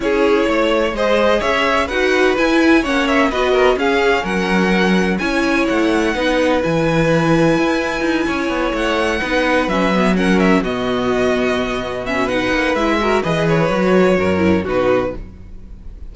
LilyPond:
<<
  \new Staff \with { instrumentName = "violin" } { \time 4/4 \tempo 4 = 127 cis''2 dis''4 e''4 | fis''4 gis''4 fis''8 e''8 dis''4 | f''4 fis''2 gis''4 | fis''2 gis''2~ |
gis''2~ gis''8 fis''4.~ | fis''8 e''4 fis''8 e''8 dis''4.~ | dis''4. e''8 fis''4 e''4 | dis''8 cis''2~ cis''8 b'4 | }
  \new Staff \with { instrumentName = "violin" } { \time 4/4 gis'4 cis''4 c''4 cis''4 | b'2 cis''4 b'8 ais'8 | gis'4 ais'2 cis''4~ | cis''4 b'2.~ |
b'4. cis''2 b'8~ | b'4. ais'4 fis'4.~ | fis'2 b'4. ais'8 | b'2 ais'4 fis'4 | }
  \new Staff \with { instrumentName = "viola" } { \time 4/4 e'2 gis'2 | fis'4 e'4 cis'4 fis'4 | cis'2. e'4~ | e'4 dis'4 e'2~ |
e'2.~ e'8 dis'8~ | dis'8 cis'8 b8 cis'4 b4.~ | b4. cis'8 dis'4 e'8 fis'8 | gis'4 fis'4. e'8 dis'4 | }
  \new Staff \with { instrumentName = "cello" } { \time 4/4 cis'4 a4 gis4 cis'4 | dis'4 e'4 ais4 b4 | cis'4 fis2 cis'4 | a4 b4 e2 |
e'4 dis'8 cis'8 b8 a4 b8~ | b8 fis2 b,4.~ | b,2~ b,8 ais8 gis4 | e4 fis4 fis,4 b,4 | }
>>